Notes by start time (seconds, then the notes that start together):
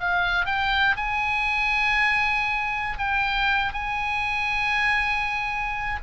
0.00 F5
0.45 G5
0.96 G#5
2.98 G5
3.73 G#5